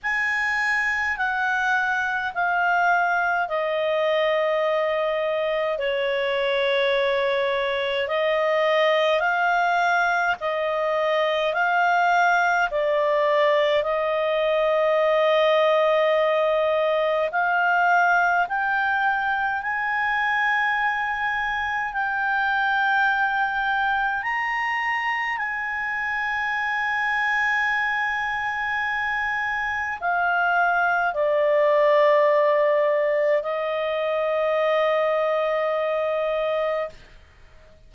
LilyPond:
\new Staff \with { instrumentName = "clarinet" } { \time 4/4 \tempo 4 = 52 gis''4 fis''4 f''4 dis''4~ | dis''4 cis''2 dis''4 | f''4 dis''4 f''4 d''4 | dis''2. f''4 |
g''4 gis''2 g''4~ | g''4 ais''4 gis''2~ | gis''2 f''4 d''4~ | d''4 dis''2. | }